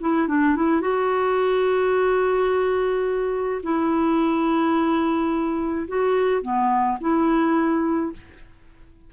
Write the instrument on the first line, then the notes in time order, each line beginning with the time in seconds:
clarinet
0.00 E4
0.28 D4
0.56 E4
0.81 F#4
3.63 E4
5.88 F#4
6.42 B3
7.00 E4